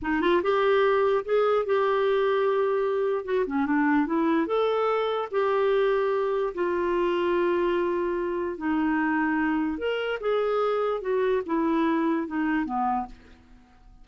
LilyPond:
\new Staff \with { instrumentName = "clarinet" } { \time 4/4 \tempo 4 = 147 dis'8 f'8 g'2 gis'4 | g'1 | fis'8 cis'8 d'4 e'4 a'4~ | a'4 g'2. |
f'1~ | f'4 dis'2. | ais'4 gis'2 fis'4 | e'2 dis'4 b4 | }